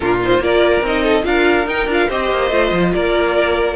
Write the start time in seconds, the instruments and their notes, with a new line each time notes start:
0.00 cello A#2, viola D4, violin F4 A#4
0.22 viola D#4, violin C5
0.39 cello A#3, viola F4, violin A#4 D5
0.81 cello C4, viola D#4, violin D#5
1.02 violin A4
1.22 cello D4, viola F4, violin A#4 F5
1.66 cello D#4, viola D#4, violin G5
1.86 cello D4, viola F4
1.92 violin F5
2.08 cello C4, viola G4, violin C5 D#5
2.31 cello A#3
2.50 cello A3, viola F4
2.72 cello F3
2.93 cello A#3, violin A#4 D5